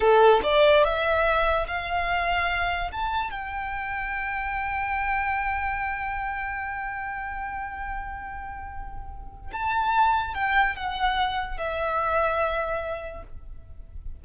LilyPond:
\new Staff \with { instrumentName = "violin" } { \time 4/4 \tempo 4 = 145 a'4 d''4 e''2 | f''2. a''4 | g''1~ | g''1~ |
g''1~ | g''2. a''4~ | a''4 g''4 fis''2 | e''1 | }